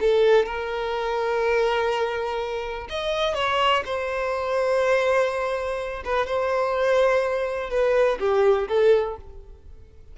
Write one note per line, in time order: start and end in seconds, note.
0.00 0.46 A4
0.46 2.88 A#4
2.89 3.35 D#5
3.35 3.83 C#5
3.85 6.03 C5
6.04 6.26 B4
6.26 7.70 C5
7.70 8.18 B4
8.19 8.68 G4
8.68 9.16 A4